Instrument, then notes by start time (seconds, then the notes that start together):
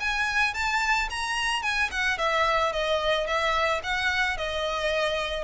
violin
0.00 G#5
0.54 A5
1.10 A#5
1.63 G#5
1.91 F#5
2.18 E5
2.72 D#5
3.27 E5
3.83 F#5
4.37 D#5